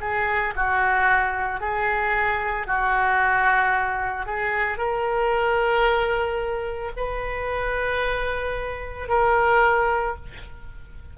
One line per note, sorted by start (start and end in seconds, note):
0.00 0.54 G#4
0.56 1.60 F#4
1.60 2.67 G#4
2.67 4.26 F#4
4.26 4.77 G#4
4.77 6.92 A#4
6.96 9.08 B4
9.08 10.15 A#4